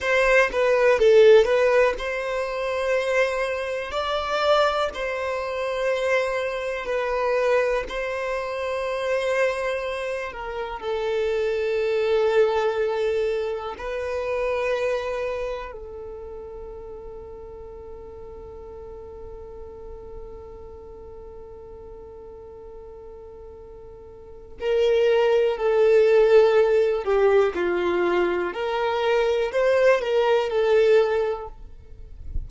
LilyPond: \new Staff \with { instrumentName = "violin" } { \time 4/4 \tempo 4 = 61 c''8 b'8 a'8 b'8 c''2 | d''4 c''2 b'4 | c''2~ c''8 ais'8 a'4~ | a'2 b'2 |
a'1~ | a'1~ | a'4 ais'4 a'4. g'8 | f'4 ais'4 c''8 ais'8 a'4 | }